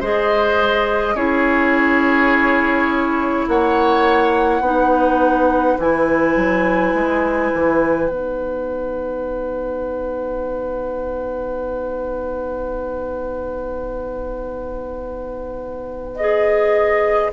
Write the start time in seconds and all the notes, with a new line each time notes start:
0.00 G#3 G#4 C5 D#5
1.14 C#4 E4 G#4 C#5
3.48 A#3 C#5 F#5
4.60 B3 D#4 B4
5.78 E3 E4 G#5
6.36 F#3
6.94 G#3
7.54 E3
8.08 B3 D#4 F#5
16.15 G#4 D#5